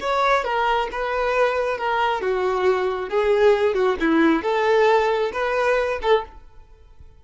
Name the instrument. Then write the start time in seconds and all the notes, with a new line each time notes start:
violin
0.00 C#5
0.44 A#4
0.91 B4
1.77 A#4
2.21 F#4
3.09 G#4
3.74 F#4
4.00 E4
4.42 A4
5.32 B4
6.02 A4